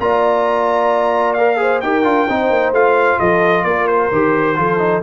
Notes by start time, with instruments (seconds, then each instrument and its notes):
0.00 tuba A#3, trombone F4, horn D5, trumpet A#5
1.34 trombone A#4, trumpet F5
1.57 trombone G#4, horn C5
1.81 tuba D#4, trombone G4, horn A#4, trumpet G5
2.04 tuba D4, trombone F4
2.29 tuba C4, trombone D#4, horn C5
2.50 tuba A#3
2.72 tuba A3, trombone F4, trumpet F5
3.19 tuba F3, horn A4, trumpet D#5
3.64 tuba A#3, horn A#4, trumpet D5
3.88 trumpet C5
4.12 tuba D#3, trombone G4
4.56 tuba F3, trombone F4, horn A4
4.79 trombone D#4